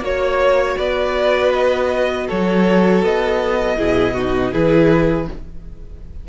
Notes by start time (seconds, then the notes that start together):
0.00 A#3 F#4 C#5
0.77 B3 B4 D5
1.52 D#5
2.26 F#3 A4 C#5
3.03 B3 D#5
3.76 B2 E4 G#4
4.13 D#4 F#4
4.52 E3 E4 G#4 B4